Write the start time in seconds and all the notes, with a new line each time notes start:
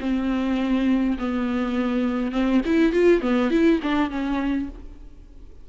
0.00 C4
1.18 B3
2.32 C4
2.65 E4
2.93 F4
3.21 B3
3.51 E4
3.82 D4
4.10 C#4